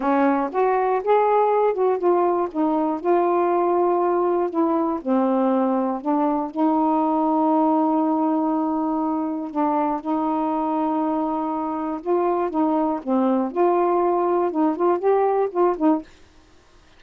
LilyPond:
\new Staff \with { instrumentName = "saxophone" } { \time 4/4 \tempo 4 = 120 cis'4 fis'4 gis'4. fis'8 | f'4 dis'4 f'2~ | f'4 e'4 c'2 | d'4 dis'2.~ |
dis'2. d'4 | dis'1 | f'4 dis'4 c'4 f'4~ | f'4 dis'8 f'8 g'4 f'8 dis'8 | }